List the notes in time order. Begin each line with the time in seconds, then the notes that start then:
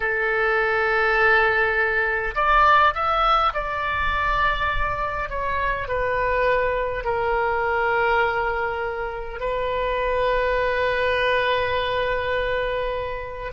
0.00 A4
2.35 D5
2.94 E5
3.53 D5
5.29 C#5
5.88 B4
7.04 A#4
9.40 B4